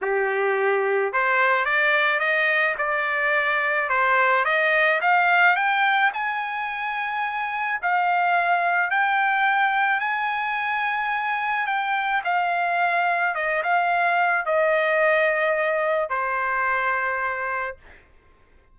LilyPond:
\new Staff \with { instrumentName = "trumpet" } { \time 4/4 \tempo 4 = 108 g'2 c''4 d''4 | dis''4 d''2 c''4 | dis''4 f''4 g''4 gis''4~ | gis''2 f''2 |
g''2 gis''2~ | gis''4 g''4 f''2 | dis''8 f''4. dis''2~ | dis''4 c''2. | }